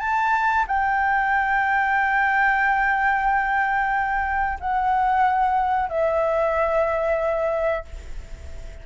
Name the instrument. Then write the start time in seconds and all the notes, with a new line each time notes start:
flute
0.00 A5
0.67 G5
4.60 F#5
5.89 E5